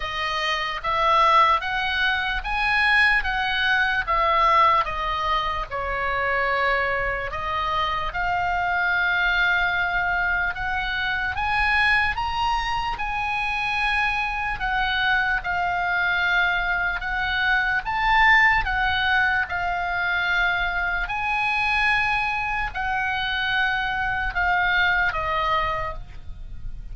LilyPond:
\new Staff \with { instrumentName = "oboe" } { \time 4/4 \tempo 4 = 74 dis''4 e''4 fis''4 gis''4 | fis''4 e''4 dis''4 cis''4~ | cis''4 dis''4 f''2~ | f''4 fis''4 gis''4 ais''4 |
gis''2 fis''4 f''4~ | f''4 fis''4 a''4 fis''4 | f''2 gis''2 | fis''2 f''4 dis''4 | }